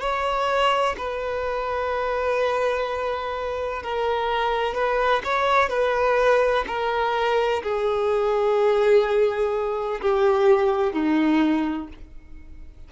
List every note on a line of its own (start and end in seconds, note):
0.00 0.95 C#5
0.97 3.82 B4
3.82 4.74 A#4
4.74 5.22 B4
5.23 5.69 C#5
5.69 6.64 B4
6.67 7.62 A#4
7.62 10.00 G#4
10.01 10.92 G4
10.92 11.87 D#4